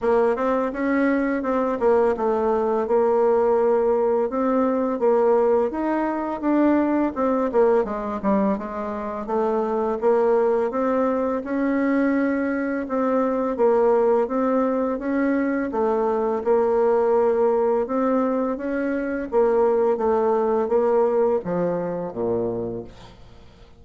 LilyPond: \new Staff \with { instrumentName = "bassoon" } { \time 4/4 \tempo 4 = 84 ais8 c'8 cis'4 c'8 ais8 a4 | ais2 c'4 ais4 | dis'4 d'4 c'8 ais8 gis8 g8 | gis4 a4 ais4 c'4 |
cis'2 c'4 ais4 | c'4 cis'4 a4 ais4~ | ais4 c'4 cis'4 ais4 | a4 ais4 f4 ais,4 | }